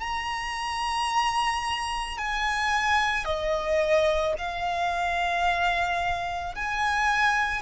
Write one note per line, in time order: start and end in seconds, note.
0.00 2.18 A#5
2.18 3.25 G#5
3.25 4.34 D#5
4.38 6.56 F5
6.56 7.62 G#5